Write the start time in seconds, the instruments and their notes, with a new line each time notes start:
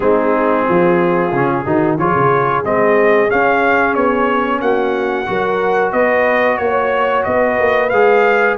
0.00 tuba G#3, trombone C4, horn D#4, trumpet G#4
0.68 tuba F3, horn F4
1.32 tuba C#3, trombone C#4
1.64 tuba D#3, trombone D#4, horn F#4
1.98 tuba F3, trombone F4, horn G#4, trumpet C#5
2.15 tuba C#3
2.64 tuba G#3, trombone C4, trumpet D#5
3.29 trombone C#4, tuba C#4, trumpet F5
3.94 tuba B3, trumpet C#5
4.61 tuba A#3, horn F#4, trumpet F#5
5.26 tuba F#3, trombone F#4, horn A#4
5.91 tuba B3, horn B4, trumpet D#5
6.57 tuba A#3, trumpet C#5, horn C#5
7.24 tuba B3, horn B4, trumpet D#5
7.59 tuba A#3
7.89 tuba G#3, trombone G#4, trumpet F5